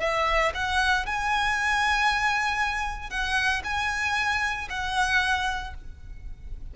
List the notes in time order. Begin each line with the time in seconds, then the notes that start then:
0.00 E5
0.54 F#5
1.06 G#5
3.10 F#5
3.64 G#5
4.70 F#5